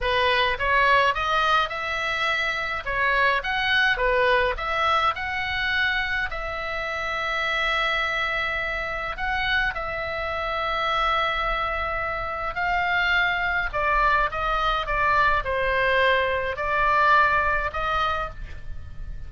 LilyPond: \new Staff \with { instrumentName = "oboe" } { \time 4/4 \tempo 4 = 105 b'4 cis''4 dis''4 e''4~ | e''4 cis''4 fis''4 b'4 | e''4 fis''2 e''4~ | e''1 |
fis''4 e''2.~ | e''2 f''2 | d''4 dis''4 d''4 c''4~ | c''4 d''2 dis''4 | }